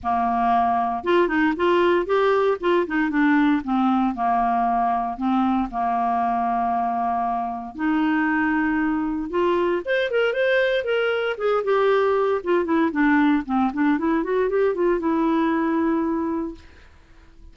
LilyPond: \new Staff \with { instrumentName = "clarinet" } { \time 4/4 \tempo 4 = 116 ais2 f'8 dis'8 f'4 | g'4 f'8 dis'8 d'4 c'4 | ais2 c'4 ais4~ | ais2. dis'4~ |
dis'2 f'4 c''8 ais'8 | c''4 ais'4 gis'8 g'4. | f'8 e'8 d'4 c'8 d'8 e'8 fis'8 | g'8 f'8 e'2. | }